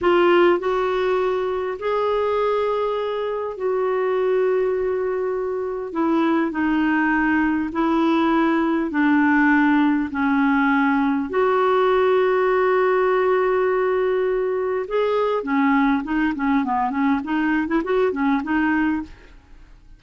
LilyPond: \new Staff \with { instrumentName = "clarinet" } { \time 4/4 \tempo 4 = 101 f'4 fis'2 gis'4~ | gis'2 fis'2~ | fis'2 e'4 dis'4~ | dis'4 e'2 d'4~ |
d'4 cis'2 fis'4~ | fis'1~ | fis'4 gis'4 cis'4 dis'8 cis'8 | b8 cis'8 dis'8. e'16 fis'8 cis'8 dis'4 | }